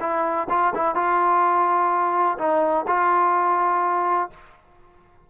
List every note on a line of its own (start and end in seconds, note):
0.00 0.48 E4
0.49 0.73 F4
0.74 0.95 E4
0.95 2.37 F4
2.38 2.85 D#4
2.87 4.30 F4